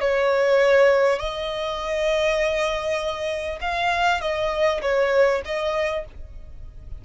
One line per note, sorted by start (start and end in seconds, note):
0.00 1.19 C#5
1.19 3.59 D#5
3.61 4.21 F5
4.21 4.81 D#5
4.81 5.41 C#5
5.44 6.04 D#5